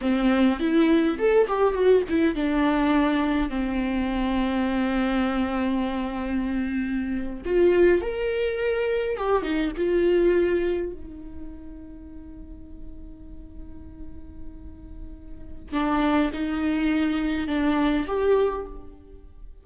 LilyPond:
\new Staff \with { instrumentName = "viola" } { \time 4/4 \tempo 4 = 103 c'4 e'4 a'8 g'8 fis'8 e'8 | d'2 c'2~ | c'1~ | c'8. f'4 ais'2 g'16~ |
g'16 dis'8 f'2 dis'4~ dis'16~ | dis'1~ | dis'2. d'4 | dis'2 d'4 g'4 | }